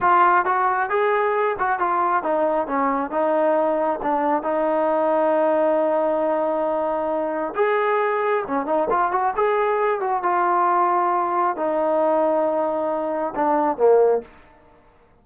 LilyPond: \new Staff \with { instrumentName = "trombone" } { \time 4/4 \tempo 4 = 135 f'4 fis'4 gis'4. fis'8 | f'4 dis'4 cis'4 dis'4~ | dis'4 d'4 dis'2~ | dis'1~ |
dis'4 gis'2 cis'8 dis'8 | f'8 fis'8 gis'4. fis'8 f'4~ | f'2 dis'2~ | dis'2 d'4 ais4 | }